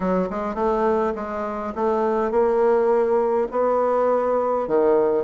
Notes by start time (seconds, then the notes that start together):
0.00 F#3
0.29 G#3
0.55 A3
1.15 G#3
1.75 A3
2.31 A#3
3.51 B3
4.67 D#3